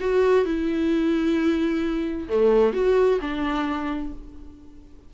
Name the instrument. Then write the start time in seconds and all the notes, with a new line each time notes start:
viola
0.00 F#4
0.45 E4
2.29 A3
2.73 F#4
3.21 D4